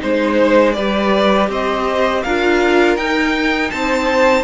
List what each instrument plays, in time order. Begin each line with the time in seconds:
0.00 cello G#3, viola D#4, violin C5
0.73 cello G3, viola G4, violin B4 D5
1.49 cello C4, violin C5 D#5
2.24 cello D4, viola F4, violin A#4 F5
2.97 cello D#4, viola D#4, violin G5
3.71 cello C4, violin C5 A5